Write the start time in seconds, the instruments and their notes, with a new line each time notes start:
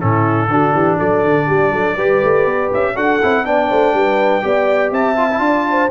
0.00 tuba A2, trombone C#4, horn E4, trumpet A4
0.48 tuba D3, trombone D4, horn F#4
0.74 tuba E3, horn G4
0.97 tuba F#3, horn A4, trumpet D5
1.24 tuba D3
1.46 tuba G3, horn G4
1.72 tuba F#3, horn A4
1.95 tuba G3, trombone G4, horn B4
2.23 tuba A3
2.46 tuba B3
2.73 tuba C#4, trumpet E5
2.95 tuba D4, trombone F#4, horn A4, trumpet F#5
3.22 tuba C4, trombone E4
3.45 tuba B3, trombone D4, horn D5, trumpet G5
3.69 tuba A3, horn C5
3.93 tuba G3, horn B4
4.42 tuba B3, trombone G4, horn D5
4.91 tuba C4, horn E5, trumpet A5
5.16 trombone F4
5.31 trombone E4
5.39 tuba D4, trombone F4, horn D5
5.70 horn C5